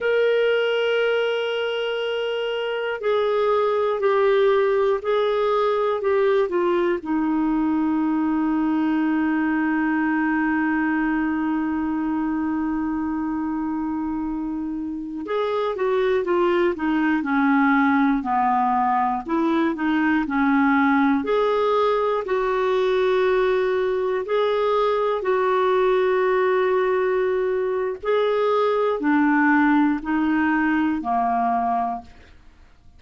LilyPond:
\new Staff \with { instrumentName = "clarinet" } { \time 4/4 \tempo 4 = 60 ais'2. gis'4 | g'4 gis'4 g'8 f'8 dis'4~ | dis'1~ | dis'2.~ dis'16 gis'8 fis'16~ |
fis'16 f'8 dis'8 cis'4 b4 e'8 dis'16~ | dis'16 cis'4 gis'4 fis'4.~ fis'16~ | fis'16 gis'4 fis'2~ fis'8. | gis'4 d'4 dis'4 ais4 | }